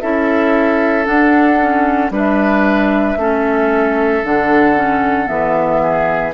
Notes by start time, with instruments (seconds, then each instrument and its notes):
0.00 bassoon C#4, clarinet E4, oboe A4, flute E5
1.05 clarinet D4, bassoon D4, flute F#5
1.61 clarinet C#4
2.11 bassoon G3, clarinet D4, oboe B4
2.17 flute E5
3.16 bassoon A3, clarinet C#4, oboe A4
4.24 bassoon D3, clarinet D4, flute F#5
4.76 clarinet C#4
5.26 bassoon E3, clarinet B3, flute E5
5.82 oboe G#4